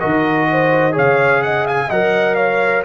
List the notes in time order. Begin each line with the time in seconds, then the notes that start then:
0.00 D#3 F#4 A#4 D#5
0.52 C5
0.92 C#3 G#4 C#5 F5
1.43 D#5 F#5
1.65 F5 G#5
1.89 F#3 A#4 D#5 F#5
2.35 C#5 F5